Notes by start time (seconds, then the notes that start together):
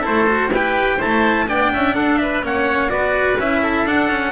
0.00 E4 A4 C5
0.07 A3
0.26 F#4
0.49 E4 B4 G5
0.56 G4
0.97 E4 C5 A5
1.03 A3
1.48 B3 D4 D5 G5
1.72 C#4 E5
1.94 D4 A4 F#5
2.17 B4 E5
2.42 A#3 C#4 C#5 F#5
2.88 B3 F#4 B4 D5
3.37 C#4 E4 E5
3.62 A4
3.85 D4 F#5
4.09 C#4